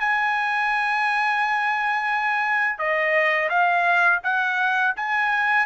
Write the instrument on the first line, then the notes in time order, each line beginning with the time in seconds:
trumpet
0.00 G#5
2.79 D#5
3.50 F5
4.24 F#5
4.96 G#5